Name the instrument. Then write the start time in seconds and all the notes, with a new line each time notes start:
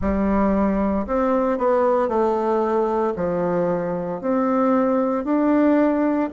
bassoon
0.00 G3
1.07 C4
1.58 B3
2.08 A3
3.16 F3
4.21 C4
5.24 D4